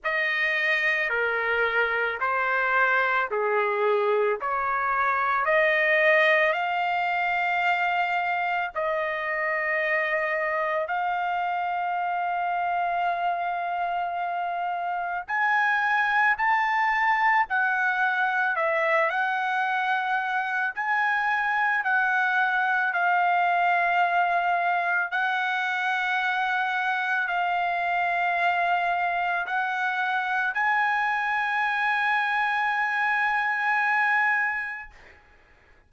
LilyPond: \new Staff \with { instrumentName = "trumpet" } { \time 4/4 \tempo 4 = 55 dis''4 ais'4 c''4 gis'4 | cis''4 dis''4 f''2 | dis''2 f''2~ | f''2 gis''4 a''4 |
fis''4 e''8 fis''4. gis''4 | fis''4 f''2 fis''4~ | fis''4 f''2 fis''4 | gis''1 | }